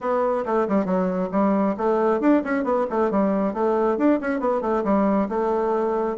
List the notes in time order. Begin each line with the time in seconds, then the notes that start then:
0.00 B3
0.45 A3
0.68 G3
0.85 F#3
1.31 G3
1.77 A3
2.20 D4
2.44 C#4
2.64 B3
2.90 A3
3.10 G3
3.53 A3
3.97 D4
4.20 C#4
4.40 B3
4.61 A3
4.84 G3
5.28 A3